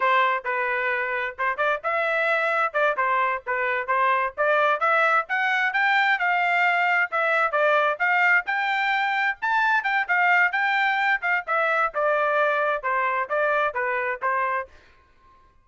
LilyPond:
\new Staff \with { instrumentName = "trumpet" } { \time 4/4 \tempo 4 = 131 c''4 b'2 c''8 d''8 | e''2 d''8 c''4 b'8~ | b'8 c''4 d''4 e''4 fis''8~ | fis''8 g''4 f''2 e''8~ |
e''8 d''4 f''4 g''4.~ | g''8 a''4 g''8 f''4 g''4~ | g''8 f''8 e''4 d''2 | c''4 d''4 b'4 c''4 | }